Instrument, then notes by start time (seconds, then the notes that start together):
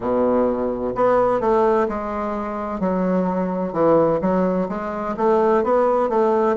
bassoon
0.00 B2
0.95 B3
1.40 A3
1.88 G#3
2.80 F#3
3.72 E3
4.21 F#3
4.68 G#3
5.16 A3
5.63 B3
6.09 A3